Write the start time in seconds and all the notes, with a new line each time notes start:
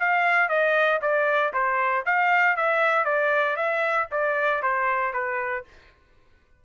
0.00 F5
0.49 D#5
1.02 D5
1.54 C5
2.06 F5
2.57 E5
3.05 D5
3.57 E5
4.12 D5
4.63 C5
5.14 B4